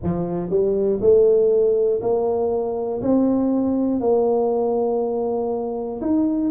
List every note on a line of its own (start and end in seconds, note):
0.03 0.50 F3
0.50 1.00 G3
1.00 2.00 A3
2.01 3.01 A#3
3.01 4.00 C4
4.00 6.00 A#3
6.01 6.50 D#4